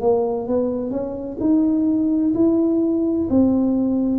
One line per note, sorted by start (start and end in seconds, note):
0.00 0.47 A#3
0.47 0.90 B3
0.90 1.37 C#4
1.40 2.34 D#4
2.34 3.28 E4
3.29 4.18 C4